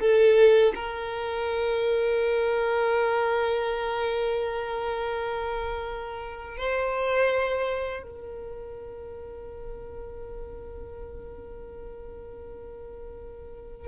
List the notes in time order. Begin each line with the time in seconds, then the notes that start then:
0.00 A4
0.75 A#4
6.57 C5
8.03 A#4